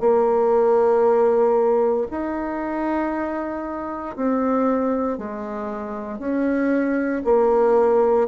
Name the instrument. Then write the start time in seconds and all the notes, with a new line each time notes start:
bassoon
0.00 A#3
2.10 D#4
4.16 C4
5.18 G#3
6.19 C#4
7.24 A#3